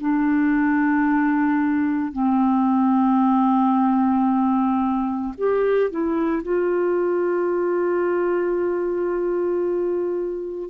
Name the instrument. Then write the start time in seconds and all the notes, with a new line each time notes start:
clarinet
0.00 D4
2.12 C4
5.38 G4
5.90 E4
6.42 F4